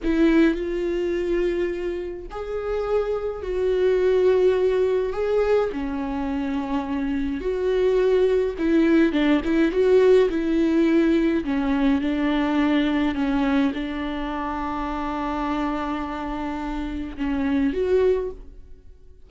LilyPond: \new Staff \with { instrumentName = "viola" } { \time 4/4 \tempo 4 = 105 e'4 f'2. | gis'2 fis'2~ | fis'4 gis'4 cis'2~ | cis'4 fis'2 e'4 |
d'8 e'8 fis'4 e'2 | cis'4 d'2 cis'4 | d'1~ | d'2 cis'4 fis'4 | }